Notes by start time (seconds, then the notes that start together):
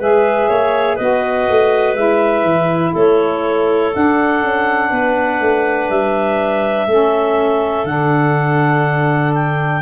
0.00 G#3 G#4 B4 E5
0.49 A#3 C#5
0.96 B3 F#4 B4 D#5
1.50 A3
1.95 G#3 E4 E5
2.44 E3
2.93 A3 A4 C#5
3.93 D4 F#5
4.44 C#4
4.90 B3 B4
5.41 A3
5.90 G3 E5
6.87 A3 C#4 A4
7.85 D3 D4 F#5
9.35 G5